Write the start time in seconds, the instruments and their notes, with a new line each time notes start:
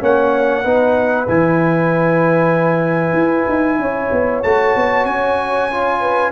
0.00 tuba A#3, trombone C#4, horn C#5, trumpet F#5
0.64 tuba B3, trombone D#4, horn B4
1.28 tuba E3, trombone E4, trumpet G#5
3.13 tuba E4
3.49 tuba D#4
3.79 tuba C#4, horn C#5
4.12 tuba B3
4.43 tuba A3, trombone F#4, trumpet A5
4.76 tuba B3
5.05 tuba C#4, trumpet G#5
5.71 trombone F4
6.01 horn B4